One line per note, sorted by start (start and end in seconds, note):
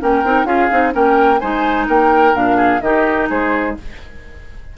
0.00 0.23 A#3
0.00 0.23 C#4
0.00 0.47 A#4
0.00 0.45 G5
0.23 0.44 C4
0.23 0.45 D#4
0.44 0.68 C#4
0.44 0.69 F4
0.44 0.94 G#4
0.44 0.92 F5
0.71 0.94 C4
0.71 0.92 D#4
0.92 1.41 A#3
0.92 1.38 C#4
0.92 1.40 A#4
0.92 1.39 G5
1.39 1.88 G#3
1.39 2.33 D#4
1.39 1.87 C5
1.39 1.86 G#5
1.87 2.34 A#3
1.87 2.56 A#4
1.87 2.35 G5
2.33 2.81 A#2
2.33 2.80 D4
2.33 2.81 F5
2.56 2.80 G#4
2.81 3.28 D#3
2.81 3.78 D#4
2.81 3.29 G4
2.81 3.28 D#5
3.29 3.77 G#3
3.29 3.76 G#4
3.29 3.77 C5